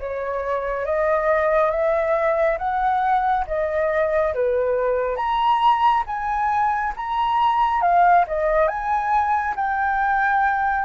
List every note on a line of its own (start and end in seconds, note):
0.00 0.85 C#5
0.85 1.71 D#5
1.71 2.58 E5
2.58 3.45 F#5
3.47 4.34 D#5
4.34 5.17 B4
5.17 6.04 A#5
6.07 6.94 G#5
6.96 7.81 A#5
7.81 8.25 F5
8.27 8.68 D#5
8.68 9.55 G#5
9.56 10.85 G5